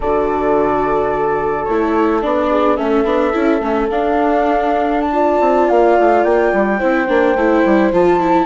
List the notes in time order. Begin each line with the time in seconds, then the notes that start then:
0.00 D3 F#4 A4 D5
1.64 A3 E4 C#5
2.22 B3 D4 D5
2.49 G#4
2.76 A3 C#4 A4 E5
3.04 B3 D4
3.33 C#4 E4
3.60 A3 C#4
3.90 D4 F5
5.01 A5
5.12 F4 D5
5.40 C4
5.69 A#3 F5
5.99 A3
6.23 A#3 G5
6.52 G3
6.78 C4 E4 C5
7.08 A#3 D4
7.35 A3 E4
7.65 G3
7.92 F3 F4 A5
8.20 E4